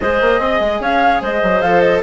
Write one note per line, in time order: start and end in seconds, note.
0.00 0.21 G#3
0.00 1.62 G#4
0.00 0.40 C5
0.00 0.80 D#5
0.21 0.39 A#3
0.39 0.59 C4
0.39 0.81 D#5
0.59 0.80 G#3
0.80 1.20 C#4
0.80 1.22 C#5
0.80 1.22 F5
1.21 1.41 G#3
1.21 2.02 C5
1.21 1.61 D#5
1.42 1.62 F#3
1.61 2.02 F3
1.61 2.02 A4
1.61 1.80 F5
1.80 2.00 D#5